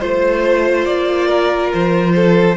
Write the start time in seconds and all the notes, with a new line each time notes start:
0.00 A3 F4 C5
0.85 A#3 D5
1.27 A#4
1.73 F3 C5
2.15 A4